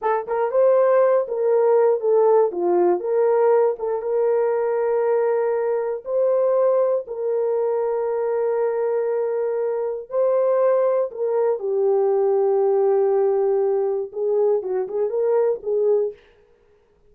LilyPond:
\new Staff \with { instrumentName = "horn" } { \time 4/4 \tempo 4 = 119 a'8 ais'8 c''4. ais'4. | a'4 f'4 ais'4. a'8 | ais'1 | c''2 ais'2~ |
ais'1 | c''2 ais'4 g'4~ | g'1 | gis'4 fis'8 gis'8 ais'4 gis'4 | }